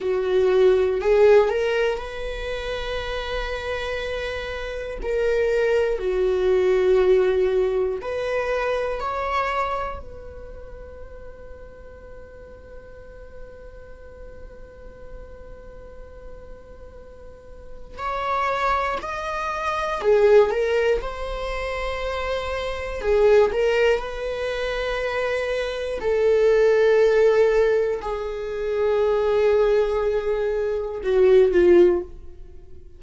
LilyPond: \new Staff \with { instrumentName = "viola" } { \time 4/4 \tempo 4 = 60 fis'4 gis'8 ais'8 b'2~ | b'4 ais'4 fis'2 | b'4 cis''4 b'2~ | b'1~ |
b'2 cis''4 dis''4 | gis'8 ais'8 c''2 gis'8 ais'8 | b'2 a'2 | gis'2. fis'8 f'8 | }